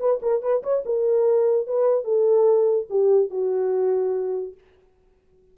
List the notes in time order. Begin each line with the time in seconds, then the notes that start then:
0.00 B4
0.23 A#4
0.42 B4
0.63 C#5
0.86 A#4
1.67 B4
2.05 A4
2.90 G4
3.30 F#4